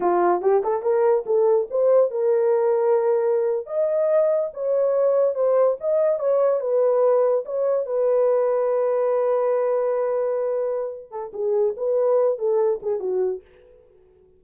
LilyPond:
\new Staff \with { instrumentName = "horn" } { \time 4/4 \tempo 4 = 143 f'4 g'8 a'8 ais'4 a'4 | c''4 ais'2.~ | ais'8. dis''2 cis''4~ cis''16~ | cis''8. c''4 dis''4 cis''4 b'16~ |
b'4.~ b'16 cis''4 b'4~ b'16~ | b'1~ | b'2~ b'8 a'8 gis'4 | b'4. a'4 gis'8 fis'4 | }